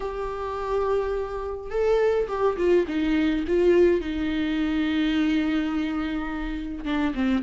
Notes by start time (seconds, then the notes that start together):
0.00 G4
1.70 A4
2.28 G4
2.57 F4
2.87 D#4
3.47 F4
4.01 D#4
6.84 D4
7.14 C4